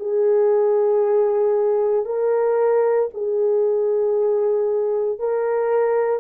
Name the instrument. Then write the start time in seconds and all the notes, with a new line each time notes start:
horn
0.00 G#4
2.06 A#4
3.14 G#4
5.19 A#4